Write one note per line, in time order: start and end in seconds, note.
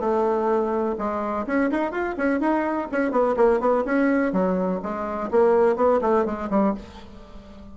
0.00 0.96 A3
0.98 1.46 G#3
1.47 1.71 C#4
1.71 1.92 D#4
1.92 2.16 F4
2.17 2.40 C#4
2.40 2.88 D#4
2.92 3.11 C#4
3.11 3.35 B3
3.37 3.60 A#3
3.60 3.84 B3
3.85 4.32 C#4
4.32 4.80 F#3
4.83 5.31 G#3
5.31 5.76 A#3
5.76 6.00 B3
6.02 6.26 A3
6.26 6.50 G#3
6.51 6.75 G3